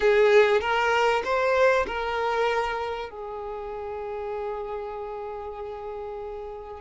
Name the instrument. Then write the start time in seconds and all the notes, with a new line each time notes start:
violin
0.00 G#4
0.60 A#4
1.24 C5
1.86 A#4
3.09 G#4